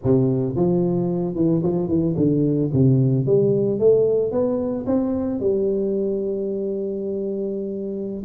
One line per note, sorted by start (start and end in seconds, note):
0.03 0.55 C3
0.55 1.35 F3
1.35 1.62 E3
1.63 1.88 F3
1.88 2.15 E3
2.16 2.70 D3
2.73 3.26 C3
3.26 3.79 G3
3.79 4.31 A3
4.31 4.85 B3
4.86 5.40 C4
5.40 8.23 G3